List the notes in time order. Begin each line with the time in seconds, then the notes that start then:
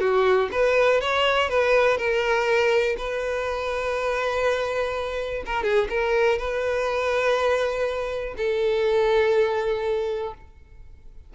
0.00 F#4
0.51 B4
1.01 C#5
1.49 B4
1.98 A#4
2.98 B4
5.46 A#4
5.63 G#4
5.89 A#4
6.38 B4
8.37 A4